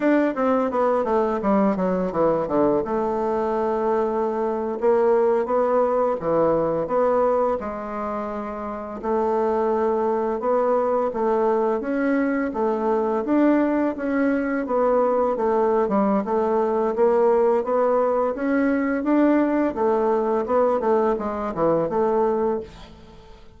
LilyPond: \new Staff \with { instrumentName = "bassoon" } { \time 4/4 \tempo 4 = 85 d'8 c'8 b8 a8 g8 fis8 e8 d8 | a2~ a8. ais4 b16~ | b8. e4 b4 gis4~ gis16~ | gis8. a2 b4 a16~ |
a8. cis'4 a4 d'4 cis'16~ | cis'8. b4 a8. g8 a4 | ais4 b4 cis'4 d'4 | a4 b8 a8 gis8 e8 a4 | }